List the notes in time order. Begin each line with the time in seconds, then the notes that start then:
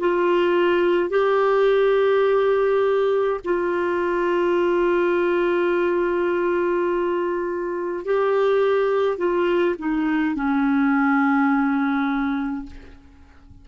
0.00 F4
1.10 G4
3.45 F4
8.06 G4
9.18 F4
9.79 D#4
10.36 C#4